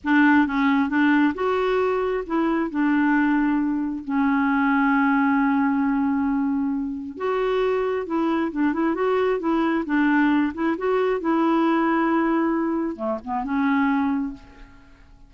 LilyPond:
\new Staff \with { instrumentName = "clarinet" } { \time 4/4 \tempo 4 = 134 d'4 cis'4 d'4 fis'4~ | fis'4 e'4 d'2~ | d'4 cis'2.~ | cis'1 |
fis'2 e'4 d'8 e'8 | fis'4 e'4 d'4. e'8 | fis'4 e'2.~ | e'4 a8 b8 cis'2 | }